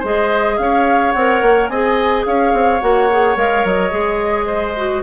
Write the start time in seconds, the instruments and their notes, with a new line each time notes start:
0.00 bassoon G#3, clarinet G#4, oboe C5
0.06 flute D#5
0.58 bassoon C#4, oboe C#5, flute F5
1.12 bassoon C4, clarinet A#4, flute F#5
1.42 bassoon A#3
1.68 bassoon C4, clarinet G#4, oboe D#5, flute G#5
2.27 bassoon C#4, oboe C#5, flute F5
2.53 bassoon C4
2.81 bassoon A#3, clarinet F#4, flute F#5
3.12 clarinet G#4
3.36 bassoon G#3, clarinet A#4, flute F5
3.65 bassoon F#3, flute D#5
3.92 bassoon G#3, clarinet G#4
4.47 oboe C5
4.77 clarinet F#4